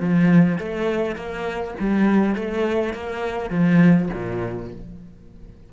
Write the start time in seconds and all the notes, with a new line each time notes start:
0.00 F3
0.58 A3
1.15 A#3
1.79 G3
2.35 A3
2.93 A#3
3.50 F3
4.13 A#2